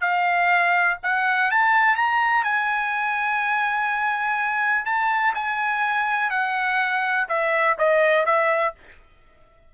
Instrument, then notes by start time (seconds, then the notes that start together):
trumpet
0.00 F5
1.03 F#5
1.50 A5
1.95 A#5
2.43 G#5
4.85 A5
5.34 G#5
6.30 F#5
7.28 E5
7.78 D#5
8.25 E5